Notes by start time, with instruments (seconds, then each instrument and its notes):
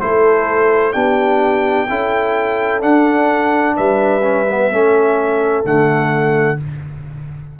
0.00 tuba A3, trombone E4, horn A4, trumpet C5
0.92 tuba B3, trombone D4, horn G4, trumpet G5
1.89 tuba C#4, trombone E4, horn A4
2.80 trombone D4, tuba D4, trumpet F#5
3.76 tuba G3, horn B4, trumpet E5
4.22 trombone C#4
4.48 trombone B3
4.70 tuba A3, trombone C#4, horn A4
5.63 tuba D3, trombone A3, trumpet F#5